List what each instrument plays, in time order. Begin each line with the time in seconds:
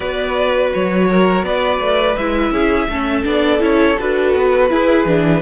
0.00 cello B3, viola F#4, violin B4 D5
0.73 cello F#3, violin C#5
1.09 violin A#4
1.42 cello B3, violin B4 D5
1.80 cello A3
2.16 cello G#3, viola E4, violin E5
2.51 cello C#4, violin G#4
2.88 cello A3, viola C#4, violin A4
3.24 cello B3, viola D4, violin D5
3.59 cello C#4, viola E4, violin C#5
3.99 cello D4, viola F#4, violin B4
4.34 cello B3
4.69 viola E4, cello E4, violin G#4
5.05 cello E3, viola D4